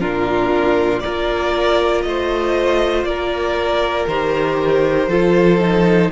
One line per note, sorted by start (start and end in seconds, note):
0.00 1.03 A#2
0.00 1.02 D4
0.00 1.02 F4
0.00 1.00 A#4
1.00 4.08 F4
1.00 2.05 A#4
1.00 2.01 D5
1.06 2.05 A#3
2.02 3.03 A3
2.02 3.07 C5
2.02 3.04 D#5
3.03 4.05 A#3
3.03 5.09 A#4
3.03 4.06 D5
4.07 5.07 D#3
4.07 5.09 G4
4.07 6.11 C5
5.07 6.09 F3
5.07 5.60 F4
5.07 6.11 A4
5.60 6.11 D#4